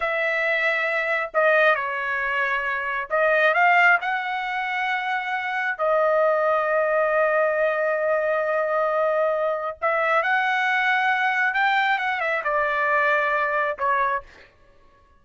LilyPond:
\new Staff \with { instrumentName = "trumpet" } { \time 4/4 \tempo 4 = 135 e''2. dis''4 | cis''2. dis''4 | f''4 fis''2.~ | fis''4 dis''2.~ |
dis''1~ | dis''2 e''4 fis''4~ | fis''2 g''4 fis''8 e''8 | d''2. cis''4 | }